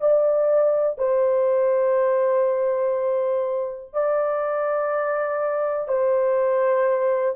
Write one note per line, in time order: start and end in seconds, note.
0.00 0.98 D5
0.98 3.93 C5
3.93 5.88 D5
5.88 7.35 C5